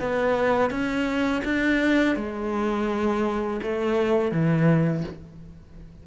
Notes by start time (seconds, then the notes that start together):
0.00 B3
0.70 C#4
1.45 D4
2.16 G#3
3.62 A3
4.31 E3